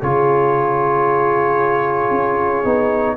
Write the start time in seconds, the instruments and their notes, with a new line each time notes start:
0.00 tuba C#3, trombone F4, horn G#4, trumpet C#5
2.11 tuba C#4
2.65 tuba B3, trombone D#4